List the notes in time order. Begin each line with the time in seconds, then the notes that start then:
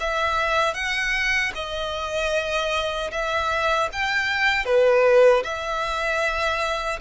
0.00 E5
0.74 F#5
1.55 D#5
3.11 E5
3.92 G5
4.65 B4
5.44 E5